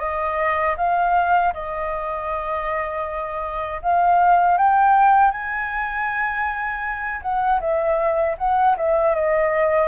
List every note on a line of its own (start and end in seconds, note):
0.00 0.76 D#5
0.78 1.54 F5
1.54 3.81 D#5
3.82 4.58 F5
4.58 5.32 G5
5.32 7.22 G#5
7.22 7.60 F#5
7.61 8.36 E5
8.38 8.76 F#5
8.78 9.15 E5
9.15 9.88 D#5